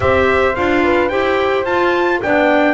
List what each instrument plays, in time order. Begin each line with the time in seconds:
0.00 double bass C4, clarinet G4, horn C5, trumpet E5
0.55 double bass D4, clarinet F4, trumpet F5
0.83 horn B4
1.08 double bass E4, clarinet G4, horn C5, trumpet G5
1.64 double bass F4, clarinet F4, trumpet A5
2.22 double bass B3, clarinet D4, horn D5, trumpet G5